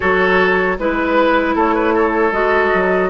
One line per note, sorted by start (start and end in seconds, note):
0.00 0.78 F#3
0.00 0.77 F#4
0.00 0.77 A4
0.00 0.78 C#5
0.78 1.55 G#3
0.78 2.32 E4
0.78 1.56 B4
0.78 1.55 B4
1.55 2.31 A3
1.55 1.74 A4
1.55 2.32 C#5
1.74 1.94 B4
1.94 3.09 A4
2.31 2.70 G#3
2.31 3.09 F#4
2.31 3.09 D#5
2.73 3.09 F#3